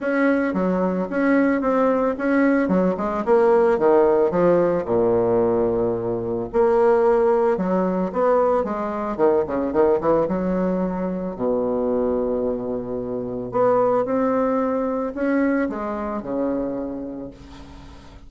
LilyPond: \new Staff \with { instrumentName = "bassoon" } { \time 4/4 \tempo 4 = 111 cis'4 fis4 cis'4 c'4 | cis'4 fis8 gis8 ais4 dis4 | f4 ais,2. | ais2 fis4 b4 |
gis4 dis8 cis8 dis8 e8 fis4~ | fis4 b,2.~ | b,4 b4 c'2 | cis'4 gis4 cis2 | }